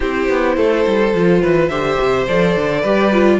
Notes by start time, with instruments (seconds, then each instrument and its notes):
0.00 cello C4, viola E4, violin G4 C5
0.28 cello B3
0.56 cello A3, violin A4
0.86 cello G3
1.14 cello F3, viola F4
1.41 cello E3, violin B4
1.67 cello D3, viola G4, violin C5 E5
1.99 cello C3
2.27 cello F3, viola A4, violin D5
2.56 cello D3
2.80 cello G3, viola G4, violin B4
3.12 viola F4